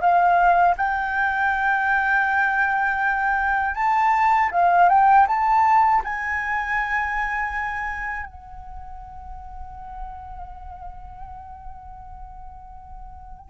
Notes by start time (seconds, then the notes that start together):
0.00 F5
0.76 G5
3.74 A5
4.51 F5
4.89 G5
5.27 A5
6.04 G#5
8.26 F#5